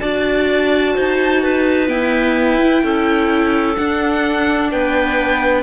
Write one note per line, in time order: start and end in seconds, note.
0.00 0.96 D4
0.00 1.88 F#4
0.00 0.94 D5
0.00 1.88 A5
0.95 1.90 D#4
0.95 1.42 C5
1.43 2.83 B4
1.88 2.58 B3
1.88 2.83 E4
1.88 3.76 G5
2.59 3.76 E4
2.83 3.77 C#4
2.83 4.71 A4
3.76 5.62 D4
3.76 4.73 D4
3.76 4.70 F#5
4.71 5.62 B3
4.71 5.62 B4
4.71 5.62 G5